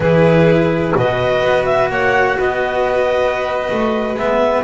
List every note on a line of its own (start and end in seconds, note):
0.00 0.93 E3
0.00 0.95 E4
0.00 0.96 G#4
0.00 0.95 B4
0.95 1.42 B2
0.95 4.16 F#4
0.95 1.91 B4
0.95 1.65 D#5
1.42 1.89 B3
1.65 1.88 E5
1.89 2.37 A#3
1.89 2.37 C#5
1.89 2.38 F#5
2.37 3.69 B3
2.37 4.63 B4
2.37 4.17 D#5
3.70 4.14 A3
4.14 4.62 G#3
4.14 4.63 B3
4.14 4.63 E5